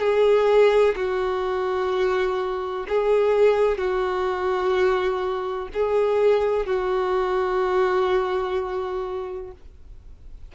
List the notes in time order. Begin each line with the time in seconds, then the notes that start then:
0.00 G#4
0.96 F#4
2.89 G#4
3.78 F#4
5.74 G#4
6.66 F#4